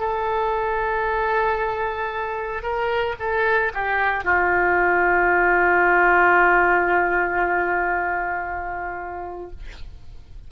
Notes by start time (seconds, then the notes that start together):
0.00 A4
2.63 A#4
3.20 A4
3.74 G4
4.24 F4